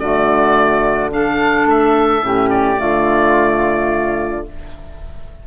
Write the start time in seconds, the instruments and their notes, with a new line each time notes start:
0.00 bassoon D3, clarinet A3, flute F#4, oboe D5
1.09 clarinet D4, flute A4, oboe F5
1.66 bassoon A3, oboe E5
2.22 bassoon A2, clarinet C#4, flute G4
2.50 oboe D5
2.77 bassoon D3, clarinet A3, flute F4